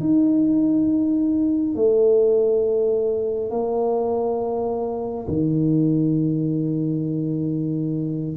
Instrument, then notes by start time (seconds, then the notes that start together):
tuba
0.00 D#4
1.75 A3
3.51 A#3
5.27 D#3